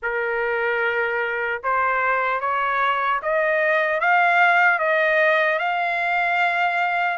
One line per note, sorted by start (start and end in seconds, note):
0.02 1.62 A#4
1.63 2.40 C5
2.40 3.20 C#5
3.22 4.00 D#5
4.00 4.79 F5
4.79 5.59 D#5
5.59 7.17 F5